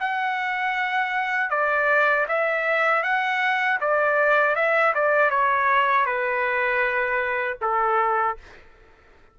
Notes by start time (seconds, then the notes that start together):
0.00 F#5
1.50 D5
2.28 E5
3.03 F#5
3.80 D5
4.56 E5
4.95 D5
5.30 C#5
6.06 B4
7.62 A4